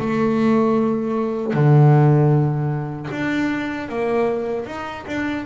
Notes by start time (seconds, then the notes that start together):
0.00 A3
1.54 D3
3.12 D4
3.90 A#3
4.66 D#4
5.08 D4